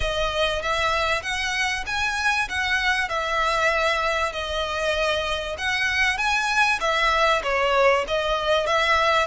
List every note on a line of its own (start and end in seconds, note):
0.00 0.62 D#5
0.62 1.22 E5
1.22 1.84 F#5
1.86 2.48 G#5
2.48 3.08 F#5
3.08 4.32 E5
4.32 5.56 D#5
5.58 6.17 F#5
6.17 6.79 G#5
6.80 7.42 E5
7.43 8.04 C#5
8.07 8.66 D#5
8.66 9.27 E5